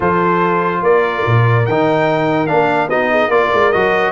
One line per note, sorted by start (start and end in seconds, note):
0.00 0.81 F3
0.00 1.64 F4
0.00 0.82 A4
0.00 0.83 C5
0.82 1.23 A#3
0.82 2.88 A#4
0.82 1.65 D5
1.26 1.67 A#2
1.65 2.48 D#3
1.65 2.47 D#4
1.65 2.46 G5
2.46 2.88 A#3
2.46 2.89 D4
2.46 2.88 F5
2.88 3.27 B3
2.88 3.30 D#4
2.88 3.09 F#4
2.88 3.30 D#5
3.10 3.31 G#4
3.27 3.48 A#3
3.27 3.72 F4
3.27 4.11 A#4
3.27 3.72 D5
3.53 3.73 G#3
3.72 4.11 F#3
3.72 4.11 F#4
3.72 4.11 D#5